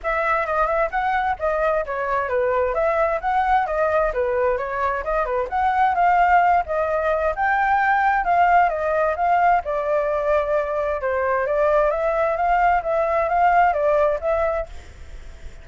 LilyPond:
\new Staff \with { instrumentName = "flute" } { \time 4/4 \tempo 4 = 131 e''4 dis''8 e''8 fis''4 dis''4 | cis''4 b'4 e''4 fis''4 | dis''4 b'4 cis''4 dis''8 b'8 | fis''4 f''4. dis''4. |
g''2 f''4 dis''4 | f''4 d''2. | c''4 d''4 e''4 f''4 | e''4 f''4 d''4 e''4 | }